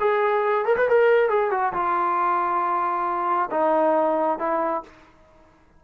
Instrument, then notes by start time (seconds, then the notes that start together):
trombone
0.00 G#4
0.65 A#4
0.77 B4
0.89 A#4
1.29 G#4
1.51 F#4
1.73 F4
3.51 D#4
4.39 E4